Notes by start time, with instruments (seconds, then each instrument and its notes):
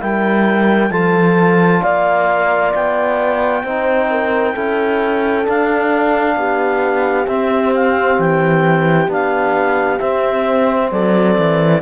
0.00 cello G3, trombone E4, horn A#4, clarinet G5
0.91 cello F3, trombone F4, horn A4, clarinet A5
1.81 cello A#3, horn D5, clarinet F5
2.75 cello B3, clarinet G5
3.64 cello C4, trombone D#4, horn C5
4.11 horn A#4
4.55 cello C#4, trombone E4, horn A4
5.45 trombone D4, cello D4, clarinet F5
6.36 cello B3, horn G4
7.27 cello C4, trombone C4, clarinet E5
7.75 clarinet F5
8.19 cello E3, clarinet G5
9.08 cello B3, trombone D4, clarinet F5
10.00 trombone C4, cello C4, clarinet E5
10.91 cello F#3, horn A4, clarinet D5
11.38 cello E3